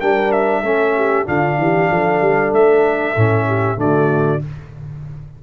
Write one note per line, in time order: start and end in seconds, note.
0.00 0.63 G3
0.00 0.64 D4
0.00 0.61 A#4
0.00 0.32 G5
0.32 1.27 E5
0.61 1.26 A3
0.61 1.26 C#4
0.61 0.92 A4
0.96 1.27 G4
1.26 1.58 D3
1.26 3.16 D4
1.26 1.58 F4
1.26 2.54 F5
1.58 1.90 E3
1.58 1.91 G4
1.91 2.21 F3
1.91 3.47 A4
2.21 2.53 G3
2.53 3.16 A3
2.53 3.80 E5
3.17 3.77 A2
3.17 3.76 C#4
3.47 3.79 G4
3.76 4.40 D3
3.76 4.39 A3
3.76 4.43 F#4
3.76 4.43 D5